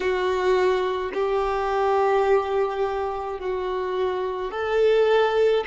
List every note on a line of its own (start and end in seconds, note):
0.00 1.12 F#4
1.13 3.40 G4
3.40 4.51 F#4
4.51 5.64 A4